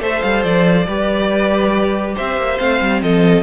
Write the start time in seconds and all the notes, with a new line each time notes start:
0.00 A3 A4 C5 E5
0.22 G3 F5
0.44 F3 D5
0.87 G3 G4 B4
2.15 C4 C5 E5
2.37 A#3
2.58 A3 C4 F5
2.81 G3
3.02 F3 A4 D#5